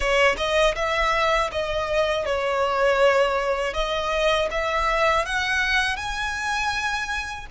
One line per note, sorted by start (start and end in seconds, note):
0.00 0.35 C#5
0.37 0.74 D#5
0.75 1.50 E5
1.51 2.25 D#5
2.25 3.73 C#5
3.73 4.48 D#5
4.50 5.25 E5
5.25 5.96 F#5
5.96 7.46 G#5